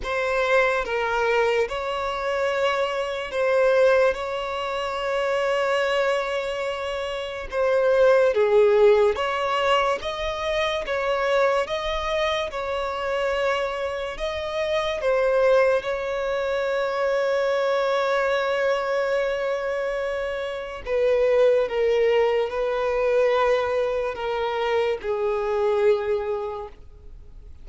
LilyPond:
\new Staff \with { instrumentName = "violin" } { \time 4/4 \tempo 4 = 72 c''4 ais'4 cis''2 | c''4 cis''2.~ | cis''4 c''4 gis'4 cis''4 | dis''4 cis''4 dis''4 cis''4~ |
cis''4 dis''4 c''4 cis''4~ | cis''1~ | cis''4 b'4 ais'4 b'4~ | b'4 ais'4 gis'2 | }